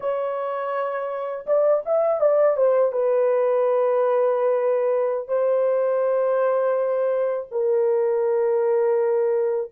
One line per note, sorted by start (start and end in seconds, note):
0.00 1.45 C#5
1.46 1.83 D5
1.85 2.20 E5
2.20 2.56 D5
2.56 2.92 C5
2.92 5.27 B4
5.27 7.47 C5
7.51 9.70 A#4